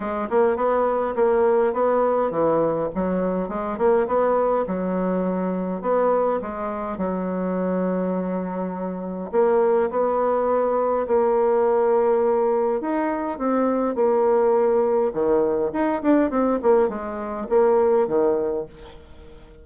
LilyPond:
\new Staff \with { instrumentName = "bassoon" } { \time 4/4 \tempo 4 = 103 gis8 ais8 b4 ais4 b4 | e4 fis4 gis8 ais8 b4 | fis2 b4 gis4 | fis1 |
ais4 b2 ais4~ | ais2 dis'4 c'4 | ais2 dis4 dis'8 d'8 | c'8 ais8 gis4 ais4 dis4 | }